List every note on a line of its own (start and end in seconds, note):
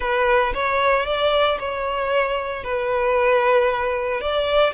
0.00 0.53 B4
0.54 1.05 C#5
1.05 1.58 D5
1.59 2.63 C#5
2.63 4.20 B4
4.20 4.73 D5